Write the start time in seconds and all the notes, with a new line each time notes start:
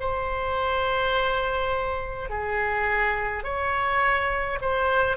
0.00 C5
2.29 G#4
3.44 C#5
4.62 C5